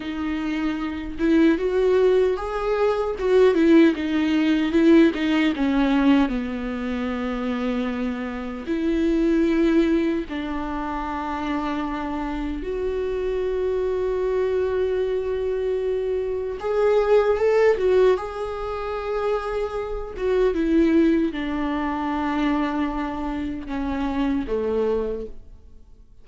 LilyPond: \new Staff \with { instrumentName = "viola" } { \time 4/4 \tempo 4 = 76 dis'4. e'8 fis'4 gis'4 | fis'8 e'8 dis'4 e'8 dis'8 cis'4 | b2. e'4~ | e'4 d'2. |
fis'1~ | fis'4 gis'4 a'8 fis'8 gis'4~ | gis'4. fis'8 e'4 d'4~ | d'2 cis'4 a4 | }